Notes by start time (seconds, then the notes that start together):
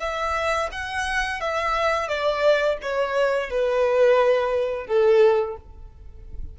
0.00 E5
0.72 F#5
1.41 E5
2.08 D5
2.82 C#5
3.50 B4
4.87 A4